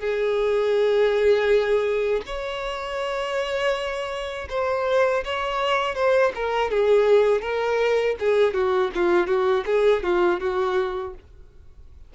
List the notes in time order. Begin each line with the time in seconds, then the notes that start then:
0.00 G#4
2.27 C#5
4.50 C5
5.25 C#5
5.96 C5
6.35 A#4
6.71 G#4
7.42 A#4
8.20 G#4
8.54 F#4
8.95 F4
9.28 F#4
9.66 G#4
10.03 F4
10.40 F#4